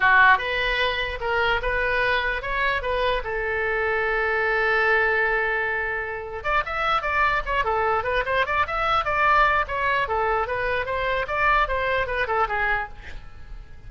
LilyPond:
\new Staff \with { instrumentName = "oboe" } { \time 4/4 \tempo 4 = 149 fis'4 b'2 ais'4 | b'2 cis''4 b'4 | a'1~ | a'1 |
d''8 e''4 d''4 cis''8 a'4 | b'8 c''8 d''8 e''4 d''4. | cis''4 a'4 b'4 c''4 | d''4 c''4 b'8 a'8 gis'4 | }